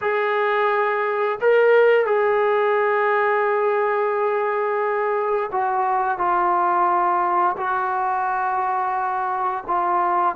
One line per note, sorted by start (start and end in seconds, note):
0.01 1.39 G#4
1.40 2.05 A#4
2.05 5.50 G#4
5.51 6.18 F#4
6.18 7.55 F4
7.57 9.64 F#4
9.67 10.35 F4